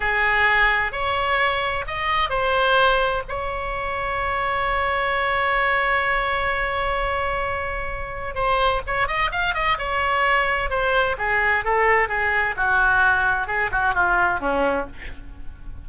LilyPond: \new Staff \with { instrumentName = "oboe" } { \time 4/4 \tempo 4 = 129 gis'2 cis''2 | dis''4 c''2 cis''4~ | cis''1~ | cis''1~ |
cis''2 c''4 cis''8 dis''8 | f''8 dis''8 cis''2 c''4 | gis'4 a'4 gis'4 fis'4~ | fis'4 gis'8 fis'8 f'4 cis'4 | }